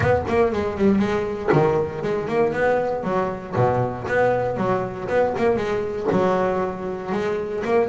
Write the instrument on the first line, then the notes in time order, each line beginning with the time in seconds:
double bass
0.00 B3
0.28 A#3
0.52 G#3
0.77 G3
0.98 G#3
1.52 D#3
2.02 G#3
2.27 A#3
2.52 B3
3.03 F#3
3.55 B2
4.07 B3
4.56 F#3
5.08 B3
5.37 A#3
5.56 G#3
6.11 F#3
7.12 G#3
7.64 A#3